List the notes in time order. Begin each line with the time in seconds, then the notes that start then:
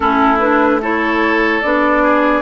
0.00 A3 C#4 E4 A4
0.39 D4 B4
0.81 E4 A4 C#5
1.61 B3 D4 D5
2.03 G#4